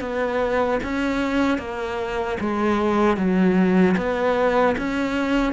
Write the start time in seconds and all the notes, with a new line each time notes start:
0.00 B3
0.83 C#4
1.58 A#3
2.40 G#3
3.17 F#3
3.97 B3
4.77 C#4